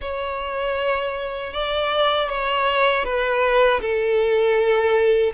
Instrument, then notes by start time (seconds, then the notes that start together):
violin
0.01 C#5
1.53 D5
2.29 C#5
3.04 B4
3.80 A4